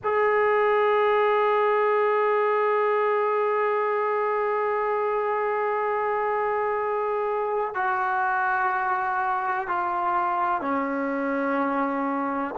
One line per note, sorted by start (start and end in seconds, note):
0.03 7.74 G#4
7.74 9.67 F#4
9.67 10.61 F4
10.61 12.54 C#4